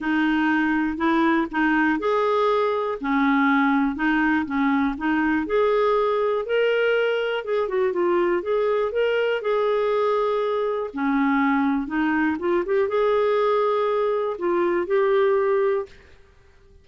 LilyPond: \new Staff \with { instrumentName = "clarinet" } { \time 4/4 \tempo 4 = 121 dis'2 e'4 dis'4 | gis'2 cis'2 | dis'4 cis'4 dis'4 gis'4~ | gis'4 ais'2 gis'8 fis'8 |
f'4 gis'4 ais'4 gis'4~ | gis'2 cis'2 | dis'4 f'8 g'8 gis'2~ | gis'4 f'4 g'2 | }